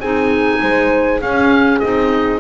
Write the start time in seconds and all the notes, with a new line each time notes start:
0.00 C4 D#4 G#4 G#5
0.61 G#3 C5
1.21 C#4 G#4 F5
1.79 C4 D#4 D#5